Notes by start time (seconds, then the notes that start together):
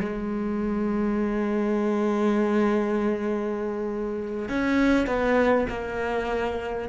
0.00 G#3
4.49 C#4
5.07 B3
5.69 A#3